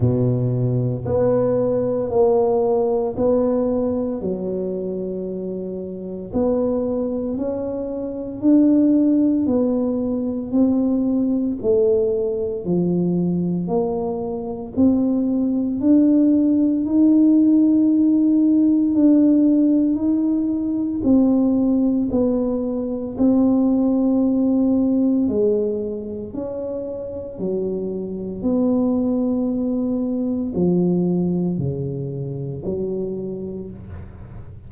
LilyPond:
\new Staff \with { instrumentName = "tuba" } { \time 4/4 \tempo 4 = 57 b,4 b4 ais4 b4 | fis2 b4 cis'4 | d'4 b4 c'4 a4 | f4 ais4 c'4 d'4 |
dis'2 d'4 dis'4 | c'4 b4 c'2 | gis4 cis'4 fis4 b4~ | b4 f4 cis4 fis4 | }